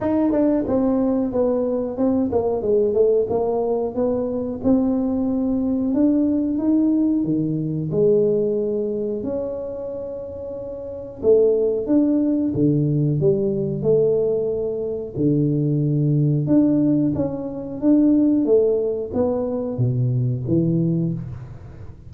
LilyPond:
\new Staff \with { instrumentName = "tuba" } { \time 4/4 \tempo 4 = 91 dis'8 d'8 c'4 b4 c'8 ais8 | gis8 a8 ais4 b4 c'4~ | c'4 d'4 dis'4 dis4 | gis2 cis'2~ |
cis'4 a4 d'4 d4 | g4 a2 d4~ | d4 d'4 cis'4 d'4 | a4 b4 b,4 e4 | }